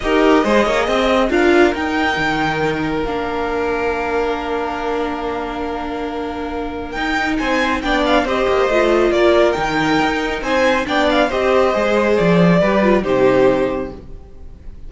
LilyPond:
<<
  \new Staff \with { instrumentName = "violin" } { \time 4/4 \tempo 4 = 138 dis''2. f''4 | g''2. f''4~ | f''1~ | f''1 |
g''4 gis''4 g''8 f''8 dis''4~ | dis''4 d''4 g''2 | gis''4 g''8 f''8 dis''2 | d''2 c''2 | }
  \new Staff \with { instrumentName = "violin" } { \time 4/4 ais'4 c''8 cis''8 dis''4 ais'4~ | ais'1~ | ais'1~ | ais'1~ |
ais'4 c''4 d''4 c''4~ | c''4 ais'2. | c''4 d''4 c''2~ | c''4 b'4 g'2 | }
  \new Staff \with { instrumentName = "viola" } { \time 4/4 g'4 gis'2 f'4 | dis'2. d'4~ | d'1~ | d'1 |
dis'2 d'4 g'4 | f'2 dis'2~ | dis'4 d'4 g'4 gis'4~ | gis'4 g'8 f'8 dis'2 | }
  \new Staff \with { instrumentName = "cello" } { \time 4/4 dis'4 gis8 ais8 c'4 d'4 | dis'4 dis2 ais4~ | ais1~ | ais1 |
dis'4 c'4 b4 c'8 ais8 | a4 ais4 dis4 dis'4 | c'4 b4 c'4 gis4 | f4 g4 c2 | }
>>